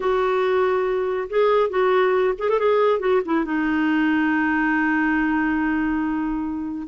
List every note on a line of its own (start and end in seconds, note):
0.00 1.28 F#4
1.29 1.69 G#4
1.69 2.34 F#4
2.38 2.49 G#4
2.49 2.59 A4
2.59 2.99 G#4
2.99 3.21 F#4
3.25 3.44 E4
3.44 6.87 D#4